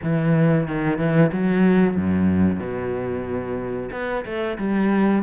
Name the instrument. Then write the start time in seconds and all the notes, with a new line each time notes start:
cello
0.02 E3
0.67 D#3
0.98 E3
1.32 F#3
1.96 F#2
2.59 B2
3.92 B3
4.25 A3
4.58 G3